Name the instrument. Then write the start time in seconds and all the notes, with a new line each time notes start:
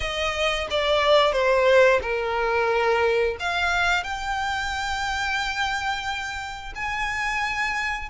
violin
0.00 D#5
0.70 D5
1.32 C5
2.01 A#4
3.39 F5
4.03 G5
6.75 G#5